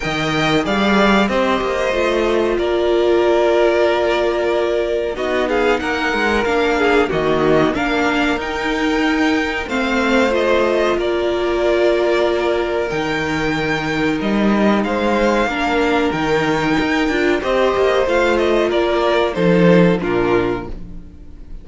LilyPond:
<<
  \new Staff \with { instrumentName = "violin" } { \time 4/4 \tempo 4 = 93 g''4 f''4 dis''2 | d''1 | dis''8 f''8 fis''4 f''4 dis''4 | f''4 g''2 f''4 |
dis''4 d''2. | g''2 dis''4 f''4~ | f''4 g''2 dis''4 | f''8 dis''8 d''4 c''4 ais'4 | }
  \new Staff \with { instrumentName = "violin" } { \time 4/4 dis''4 d''4 c''2 | ais'1 | fis'8 gis'8 ais'4. gis'8 fis'4 | ais'2. c''4~ |
c''4 ais'2.~ | ais'2. c''4 | ais'2. c''4~ | c''4 ais'4 a'4 f'4 | }
  \new Staff \with { instrumentName = "viola" } { \time 4/4 ais'4 gis'4 g'4 f'4~ | f'1 | dis'2 d'4 ais4 | d'4 dis'2 c'4 |
f'1 | dis'1 | d'4 dis'4. f'8 g'4 | f'2 dis'4 d'4 | }
  \new Staff \with { instrumentName = "cello" } { \time 4/4 dis4 g4 c'8 ais8 a4 | ais1 | b4 ais8 gis8 ais4 dis4 | ais4 dis'2 a4~ |
a4 ais2. | dis2 g4 gis4 | ais4 dis4 dis'8 d'8 c'8 ais8 | a4 ais4 f4 ais,4 | }
>>